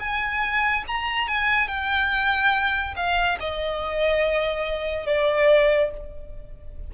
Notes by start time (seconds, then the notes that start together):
0.00 G#5
0.88 A#5
1.28 G#5
1.68 G5
2.96 F5
3.40 D#5
5.06 D5